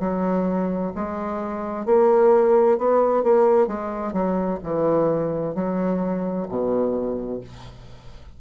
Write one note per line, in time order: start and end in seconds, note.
0.00 0.92 F#3
0.96 1.86 G#3
1.86 2.78 A#3
2.78 3.23 B3
3.23 3.68 A#3
3.68 4.13 G#3
4.13 4.59 F#3
4.63 5.55 E3
5.55 6.47 F#3
6.49 7.41 B2